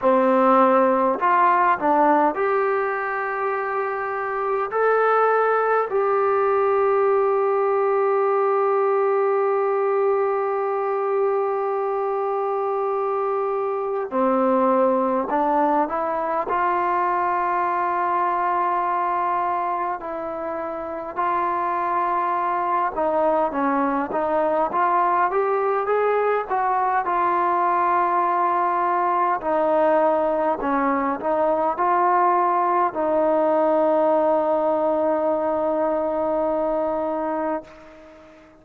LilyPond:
\new Staff \with { instrumentName = "trombone" } { \time 4/4 \tempo 4 = 51 c'4 f'8 d'8 g'2 | a'4 g'2.~ | g'1 | c'4 d'8 e'8 f'2~ |
f'4 e'4 f'4. dis'8 | cis'8 dis'8 f'8 g'8 gis'8 fis'8 f'4~ | f'4 dis'4 cis'8 dis'8 f'4 | dis'1 | }